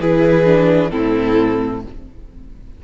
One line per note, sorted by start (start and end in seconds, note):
0.00 0.91 E3
0.00 0.45 E4
0.00 0.92 G#4
0.00 0.90 B4
0.45 0.90 D4
0.90 1.84 A2
0.90 1.81 C4
0.90 1.83 E4
0.90 1.81 A4